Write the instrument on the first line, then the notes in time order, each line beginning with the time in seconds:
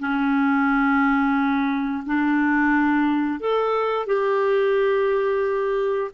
clarinet
0.00 C#4
2.06 D4
3.40 A4
4.07 G4